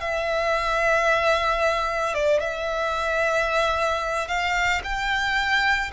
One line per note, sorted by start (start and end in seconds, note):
0.00 2.14 E5
2.14 2.40 D5
2.40 4.28 E5
4.28 4.81 F5
4.84 5.91 G5